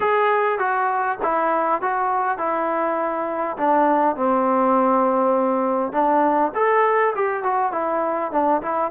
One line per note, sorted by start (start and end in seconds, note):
0.00 0.58 G#4
0.58 1.18 F#4
1.22 1.81 E4
1.81 2.38 F#4
2.38 3.56 E4
3.57 4.16 D4
4.16 5.92 C4
5.92 6.52 D4
6.54 7.14 A4
7.14 7.43 G4
7.43 7.72 F#4
7.72 8.31 E4
8.31 8.61 D4
8.61 8.91 E4